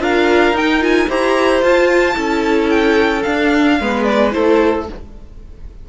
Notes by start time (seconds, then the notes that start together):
0.00 D4 F4 A#4 F5
0.52 D#4 G5
0.81 F4 G#5
1.08 E4 G4 C5 A#5
1.62 F4 A5
2.14 C#4 E4 A4
2.69 G5
3.23 D4 F5
3.80 G#3 B3 B4
4.04 D5
4.31 A3 E4 A4 C5